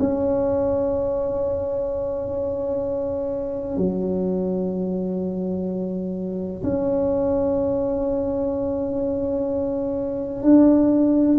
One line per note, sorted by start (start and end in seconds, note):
0.00 3.77 C#4
3.77 6.63 F#3
6.64 10.43 C#4
10.43 11.38 D4